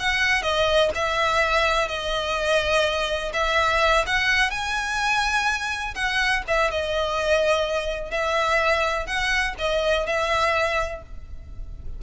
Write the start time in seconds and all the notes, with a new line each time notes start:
0.00 F#5
0.43 D#5
0.95 E5
1.88 D#5
3.34 E5
4.07 F#5
4.51 G#5
5.95 F#5
6.48 E5
6.71 D#5
8.11 E5
9.07 F#5
9.59 D#5
10.07 E5